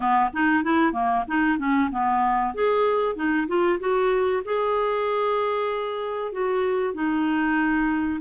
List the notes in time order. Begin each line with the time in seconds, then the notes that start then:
0.00 B3
0.33 D#4
0.63 E4
0.92 A#3
1.27 D#4
1.58 C#4
1.91 B3
2.54 G#4
3.15 D#4
3.47 F4
3.79 F#4
4.44 G#4
6.32 F#4
6.93 D#4